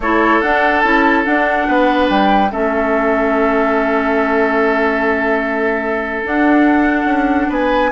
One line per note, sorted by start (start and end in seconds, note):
0.00 0.41 A3
0.00 0.42 E4
0.00 1.67 A4
0.00 0.41 C#5
0.41 0.83 D4
0.41 0.84 D4
0.41 0.80 F#5
0.80 1.25 C#4
0.80 1.24 E4
0.80 1.21 A5
1.24 2.49 D4
1.24 1.68 D4
1.24 2.08 F#5
1.67 2.09 B3
1.67 2.51 B4
2.09 2.51 G3
2.09 2.51 G5
2.50 6.24 A3
2.50 6.24 C#4
2.50 7.49 A4
2.50 6.26 E5
6.24 7.04 D4
6.24 7.91 D4
6.24 7.51 F#5
7.04 7.46 C#4
7.49 7.91 B3
7.49 7.90 B4
7.49 7.92 G#5